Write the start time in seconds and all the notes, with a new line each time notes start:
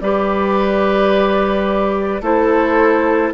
0.00 G3 G4 B4 D5
2.21 A3 E4 A4 C5